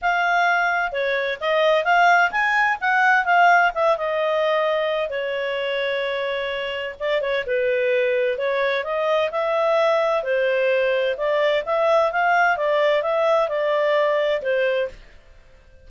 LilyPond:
\new Staff \with { instrumentName = "clarinet" } { \time 4/4 \tempo 4 = 129 f''2 cis''4 dis''4 | f''4 gis''4 fis''4 f''4 | e''8 dis''2~ dis''8 cis''4~ | cis''2. d''8 cis''8 |
b'2 cis''4 dis''4 | e''2 c''2 | d''4 e''4 f''4 d''4 | e''4 d''2 c''4 | }